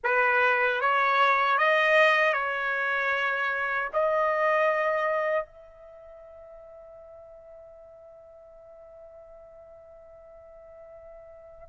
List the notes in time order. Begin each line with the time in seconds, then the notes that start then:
0.03 B4
0.80 C#5
1.58 D#5
2.33 C#5
3.93 D#5
5.45 E5